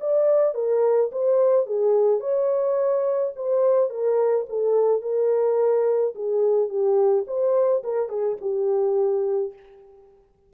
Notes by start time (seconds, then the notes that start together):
0.00 D5
0.54 A#4
1.12 C5
1.66 G#4
2.20 C#5
3.36 C5
3.90 A#4
4.49 A4
5.02 A#4
6.15 G#4
6.69 G4
7.27 C5
7.83 A#4
8.09 G#4
8.41 G4